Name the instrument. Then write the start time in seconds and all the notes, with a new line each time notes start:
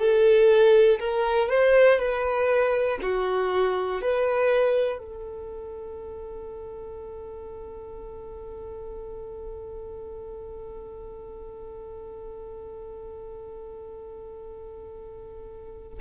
violin
0.00 A4
1.00 A#4
1.50 C5
2.00 B4
3.02 F#4
4.02 B4
4.99 A4